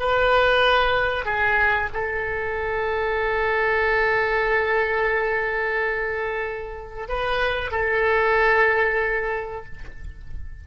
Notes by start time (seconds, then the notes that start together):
0.00 B4
1.26 G#4
1.94 A4
7.09 B4
7.72 A4